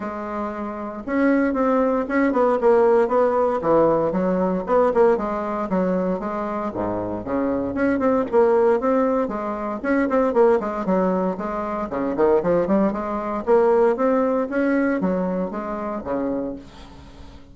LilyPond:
\new Staff \with { instrumentName = "bassoon" } { \time 4/4 \tempo 4 = 116 gis2 cis'4 c'4 | cis'8 b8 ais4 b4 e4 | fis4 b8 ais8 gis4 fis4 | gis4 gis,4 cis4 cis'8 c'8 |
ais4 c'4 gis4 cis'8 c'8 | ais8 gis8 fis4 gis4 cis8 dis8 | f8 g8 gis4 ais4 c'4 | cis'4 fis4 gis4 cis4 | }